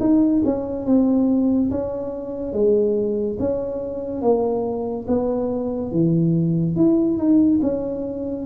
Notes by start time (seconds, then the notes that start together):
0.00 D#4
0.45 C#4
0.86 C4
1.71 C#4
2.53 G#3
3.39 C#4
4.22 A#3
5.08 B3
5.92 E3
6.76 E4
7.18 D#4
7.62 C#4